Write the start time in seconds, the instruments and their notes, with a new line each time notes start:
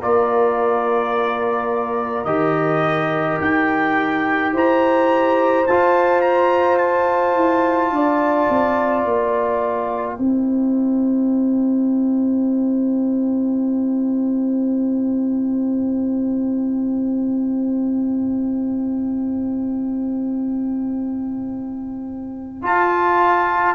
0.00 tuba A#3, trombone F4, horn A#4, trumpet D5
2.25 tuba D#3, trombone G4, trumpet D#5
3.41 tuba D#4, trumpet G5
4.53 tuba E4, horn C5, trumpet A#5
5.67 tuba F4, trombone F4, trumpet A5
6.21 trumpet A#5
6.78 trumpet A5
7.35 tuba E4
7.91 tuba D4, horn D5
8.50 tuba C4
9.05 tuba A#3, trumpet G5
10.18 tuba C4, trombone E4, horn C5
22.62 trombone F4, tuba F4, trumpet A5